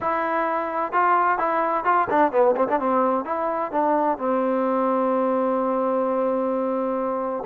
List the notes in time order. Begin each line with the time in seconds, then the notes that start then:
0.01 E4
0.92 F4
1.38 E4
1.84 F4
2.10 D4
2.32 B3
2.56 C4
2.68 D4
2.79 C4
3.25 E4
3.71 D4
4.17 C4